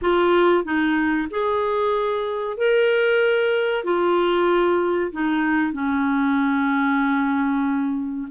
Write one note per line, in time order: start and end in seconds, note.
0.01 0.64 F4
0.64 1.28 D#4
1.30 2.57 G#4
2.57 3.84 A#4
3.84 5.11 F4
5.12 5.72 D#4
5.72 8.28 C#4